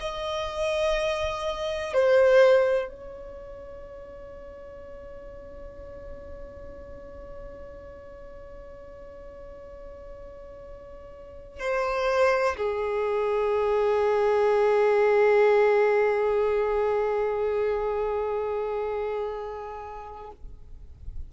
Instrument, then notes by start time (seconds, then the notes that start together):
violin
0.00 D#5
1.93 C5
2.89 C#5
11.60 C5
12.57 G#4